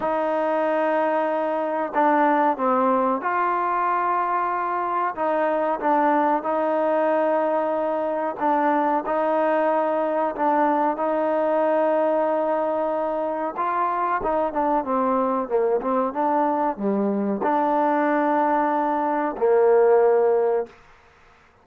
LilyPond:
\new Staff \with { instrumentName = "trombone" } { \time 4/4 \tempo 4 = 93 dis'2. d'4 | c'4 f'2. | dis'4 d'4 dis'2~ | dis'4 d'4 dis'2 |
d'4 dis'2.~ | dis'4 f'4 dis'8 d'8 c'4 | ais8 c'8 d'4 g4 d'4~ | d'2 ais2 | }